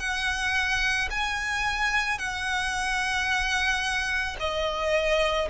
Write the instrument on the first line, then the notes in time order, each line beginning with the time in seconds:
violin
0.00 F#5
1.11 G#5
2.19 F#5
4.40 D#5